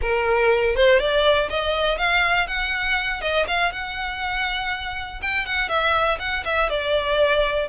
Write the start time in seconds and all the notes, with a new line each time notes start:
0.01 A#4
0.75 C5
0.99 D5
1.49 D#5
1.97 F5
2.47 F#5
3.21 D#5
3.47 F5
3.72 F#5
5.22 G5
5.46 F#5
5.68 E5
6.19 F#5
6.44 E5
6.69 D5